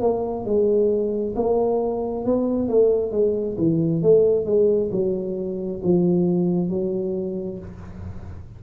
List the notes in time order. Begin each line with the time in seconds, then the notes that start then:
0.00 A#3
0.45 G#3
1.36 A#3
2.25 B3
2.68 A3
3.11 G#3
3.58 E3
4.02 A3
4.46 G#3
4.92 F#3
5.84 F3
6.70 F#3